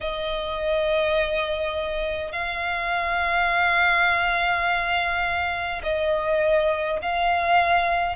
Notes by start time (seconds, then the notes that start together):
0.00 D#5
2.31 F5
5.83 D#5
7.02 F5